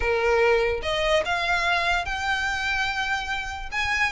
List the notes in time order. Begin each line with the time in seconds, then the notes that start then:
0.00 A#4
0.82 D#5
1.25 F5
2.05 G5
3.71 G#5